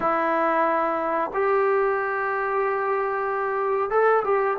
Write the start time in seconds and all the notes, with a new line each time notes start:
0.00 E4
1.33 G4
3.90 A4
4.24 G4